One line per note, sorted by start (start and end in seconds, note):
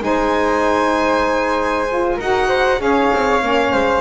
0.00 2.17 G#3
0.00 1.86 D#4
0.00 2.16 C5
0.00 2.20 G#5
1.89 2.20 F4
2.16 2.80 D#4
2.16 2.78 F#4
2.16 2.47 A#4
2.16 2.81 F#5
2.48 2.79 C5
2.78 3.11 C#4
2.78 3.40 G#4
2.78 3.73 C#5
2.78 4.01 F5
3.13 3.42 C4
3.41 3.73 A#3
3.41 4.01 C#4
3.73 4.01 G#3
3.73 4.01 C5